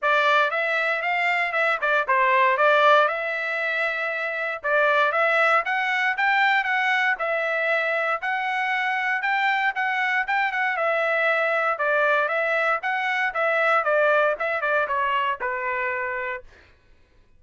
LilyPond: \new Staff \with { instrumentName = "trumpet" } { \time 4/4 \tempo 4 = 117 d''4 e''4 f''4 e''8 d''8 | c''4 d''4 e''2~ | e''4 d''4 e''4 fis''4 | g''4 fis''4 e''2 |
fis''2 g''4 fis''4 | g''8 fis''8 e''2 d''4 | e''4 fis''4 e''4 d''4 | e''8 d''8 cis''4 b'2 | }